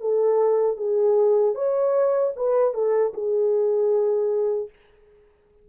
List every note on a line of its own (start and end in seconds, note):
0.00 0.77 A4
0.77 1.54 G#4
1.54 2.32 C#5
2.36 2.73 B4
2.73 3.12 A4
3.13 4.69 G#4